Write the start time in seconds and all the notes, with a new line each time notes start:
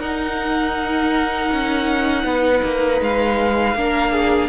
0.00 D#4 A#4 F#5
1.52 C#4
2.24 B3 B4
2.64 A#3
3.01 G#3 F5
3.75 A#3 D4 A#4
4.12 G#4